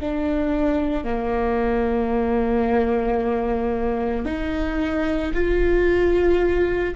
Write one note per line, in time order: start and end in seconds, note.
0.00 1.04 D4
1.04 4.25 A#3
4.25 5.32 D#4
5.34 6.94 F4